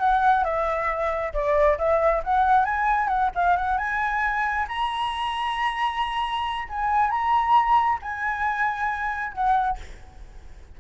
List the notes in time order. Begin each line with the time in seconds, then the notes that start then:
0.00 F#5
0.45 E5
1.34 D5
1.78 E5
2.24 F#5
2.65 G#5
3.08 F#5
3.35 F5
3.57 F#5
3.78 G#5
4.68 A#5
6.69 G#5
7.10 A#5
8.02 G#5
9.34 F#5